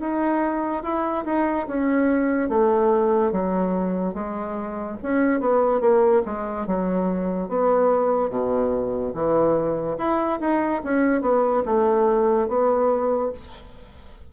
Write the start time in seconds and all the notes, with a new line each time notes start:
0.00 D#4
0.83 E4
1.25 D#4
1.67 C#4
2.49 A3
3.32 F#3
4.14 G#3
5.03 C#4
5.41 B3
5.81 A#3
6.25 G#3
6.67 F#3
7.49 B3
8.30 B2
9.14 E3
9.98 E4
10.40 D#4
10.84 C#4
11.22 B3
11.66 A3
12.48 B3